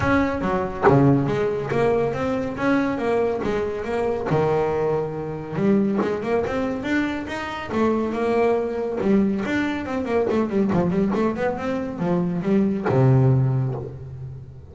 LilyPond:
\new Staff \with { instrumentName = "double bass" } { \time 4/4 \tempo 4 = 140 cis'4 fis4 cis4 gis4 | ais4 c'4 cis'4 ais4 | gis4 ais4 dis2~ | dis4 g4 gis8 ais8 c'4 |
d'4 dis'4 a4 ais4~ | ais4 g4 d'4 c'8 ais8 | a8 g8 f8 g8 a8 b8 c'4 | f4 g4 c2 | }